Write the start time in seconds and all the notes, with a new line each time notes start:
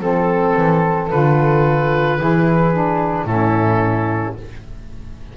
0.00 F3 C4 A4
0.56 E3
1.11 D3 F4 B4
2.19 E3 E4 G#4
2.73 D4
3.25 A2 C#4 E4 A4